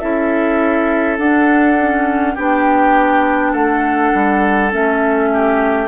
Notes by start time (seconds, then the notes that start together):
0.00 C#4 E4 A4 E5
1.18 D4 F#5
1.80 C#4
2.35 B3 D4 G4 G5
3.53 A3 A4 F#5
4.14 G3
4.71 A3 C#4 E5
5.34 G4